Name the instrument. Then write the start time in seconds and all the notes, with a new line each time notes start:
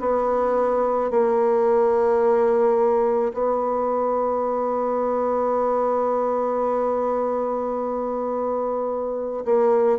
bassoon
0.00 B3
1.11 A#3
3.33 B3
9.45 A#3